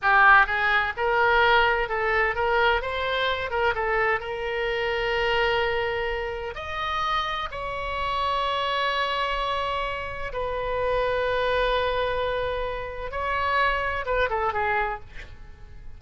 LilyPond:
\new Staff \with { instrumentName = "oboe" } { \time 4/4 \tempo 4 = 128 g'4 gis'4 ais'2 | a'4 ais'4 c''4. ais'8 | a'4 ais'2.~ | ais'2 dis''2 |
cis''1~ | cis''2 b'2~ | b'1 | cis''2 b'8 a'8 gis'4 | }